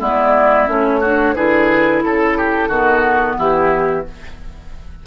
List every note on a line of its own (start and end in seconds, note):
0.00 0.68 G#3
0.00 0.67 B3
0.00 1.01 E4
0.00 0.69 D5
0.68 1.35 A3
0.68 1.01 C#4
0.68 1.35 C#5
1.01 1.36 D4
1.01 1.34 F#4
1.35 2.02 D3
1.35 2.71 E4
1.35 2.03 G#4
1.35 2.02 B4
2.03 2.69 C#3
2.03 3.37 A4
2.03 2.38 A4
2.38 2.68 G4
2.68 3.36 D#3
2.68 4.05 B3
2.68 3.36 F#4
3.38 4.05 E3
3.38 4.06 E4
3.38 4.07 G4